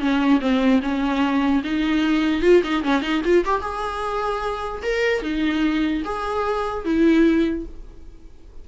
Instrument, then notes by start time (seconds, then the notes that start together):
viola
0.00 C#4
0.41 C4
0.82 C#4
1.64 D#4
2.42 F4
2.64 D#4
2.84 C#4
3.02 D#4
3.25 F4
3.45 G4
3.61 G#4
4.83 A#4
5.23 D#4
6.05 G#4
6.85 E4